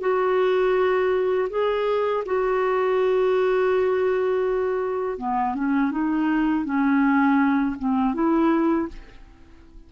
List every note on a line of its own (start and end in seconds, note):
0.00 1.48 F#4
1.49 2.24 G#4
2.26 5.18 F#4
5.18 5.55 B3
5.55 5.91 C#4
5.91 6.65 D#4
6.65 7.76 C#4
7.79 8.14 C4
8.14 8.88 E4